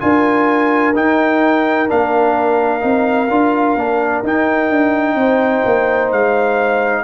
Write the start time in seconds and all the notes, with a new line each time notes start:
0.00 D4 F4 A#4 G#5
0.95 D#4 G5
1.88 A#3 D4 F5
2.81 C4 D#4
3.30 D4 F4
3.76 A#3 D4
4.24 D#4 G5
4.70 D4
5.16 C4 C5
5.66 A#3
6.12 G#3 F5